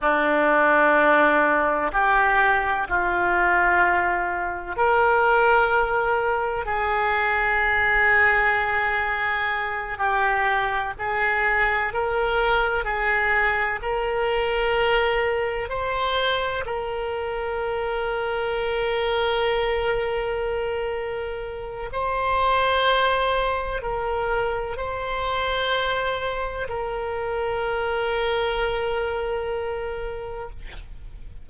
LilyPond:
\new Staff \with { instrumentName = "oboe" } { \time 4/4 \tempo 4 = 63 d'2 g'4 f'4~ | f'4 ais'2 gis'4~ | gis'2~ gis'8 g'4 gis'8~ | gis'8 ais'4 gis'4 ais'4.~ |
ais'8 c''4 ais'2~ ais'8~ | ais'2. c''4~ | c''4 ais'4 c''2 | ais'1 | }